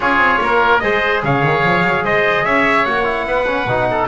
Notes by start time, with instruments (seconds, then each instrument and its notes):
0.00 double bass C#4, trombone F4, oboe G#4, trumpet C#5
0.18 double bass C4
0.40 double bass A#3, oboe A#4
0.79 double bass G#3, trombone G#4, oboe C5, trumpet D#5
1.23 double bass C#3, oboe C#5, trumpet F5
1.42 double bass D#3
1.63 double bass F3
1.83 double bass F#3
2.04 double bass G#3, oboe C5, trumpet D#5
2.44 double bass C#4, oboe C#5, trumpet E5
2.85 double bass A#3, trombone F#4, trumpet F#5
3.04 trombone E4
3.25 double bass B3, oboe B4
3.47 trombone C#4
3.66 double bass B2, trombone D#4
3.90 oboe A4